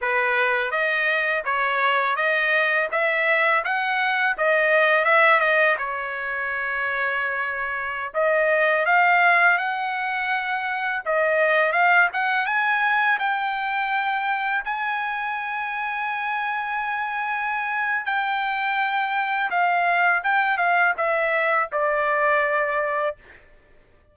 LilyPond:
\new Staff \with { instrumentName = "trumpet" } { \time 4/4 \tempo 4 = 83 b'4 dis''4 cis''4 dis''4 | e''4 fis''4 dis''4 e''8 dis''8 | cis''2.~ cis''16 dis''8.~ | dis''16 f''4 fis''2 dis''8.~ |
dis''16 f''8 fis''8 gis''4 g''4.~ g''16~ | g''16 gis''2.~ gis''8.~ | gis''4 g''2 f''4 | g''8 f''8 e''4 d''2 | }